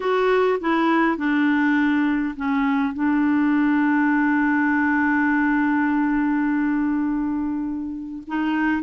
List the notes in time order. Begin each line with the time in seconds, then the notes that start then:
0.00 F#4
0.60 E4
1.17 D4
2.36 C#4
2.93 D4
8.27 D#4